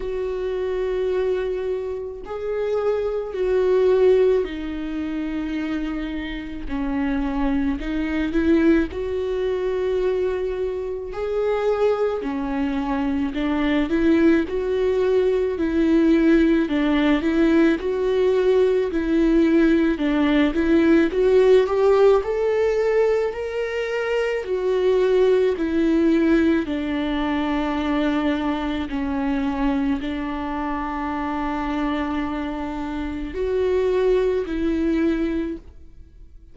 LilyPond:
\new Staff \with { instrumentName = "viola" } { \time 4/4 \tempo 4 = 54 fis'2 gis'4 fis'4 | dis'2 cis'4 dis'8 e'8 | fis'2 gis'4 cis'4 | d'8 e'8 fis'4 e'4 d'8 e'8 |
fis'4 e'4 d'8 e'8 fis'8 g'8 | a'4 ais'4 fis'4 e'4 | d'2 cis'4 d'4~ | d'2 fis'4 e'4 | }